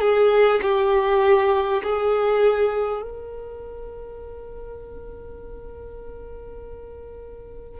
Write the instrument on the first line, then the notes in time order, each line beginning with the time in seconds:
violin
0.00 G#4
0.62 G4
1.83 G#4
3.02 A#4